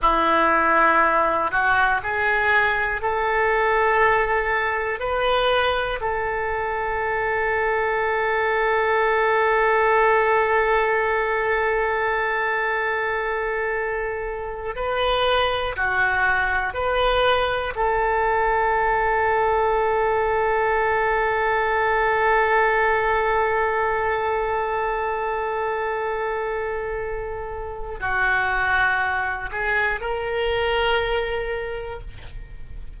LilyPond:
\new Staff \with { instrumentName = "oboe" } { \time 4/4 \tempo 4 = 60 e'4. fis'8 gis'4 a'4~ | a'4 b'4 a'2~ | a'1~ | a'2~ a'8. b'4 fis'16~ |
fis'8. b'4 a'2~ a'16~ | a'1~ | a'1 | fis'4. gis'8 ais'2 | }